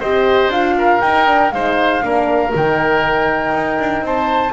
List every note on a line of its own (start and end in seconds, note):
0.00 0.49 C4
0.00 0.52 G4
0.00 0.76 C5
0.00 0.51 D#5
0.49 0.99 D4
0.49 1.02 F4
0.49 1.01 F5
0.78 1.54 A#4
1.01 1.26 D#4
1.01 1.53 D#4
1.01 1.51 G5
1.26 1.52 D4
1.51 2.03 G#3
1.51 2.02 D#4
1.51 2.05 C5
1.51 2.52 F5
2.02 2.54 A#3
2.02 2.51 D4
2.02 4.06 A#4
2.51 3.53 D#3
2.51 4.52 D#4
2.51 4.06 G5
3.53 3.78 D#4
3.79 4.02 D4
4.02 4.53 C4
4.02 4.54 C5
4.02 4.54 A5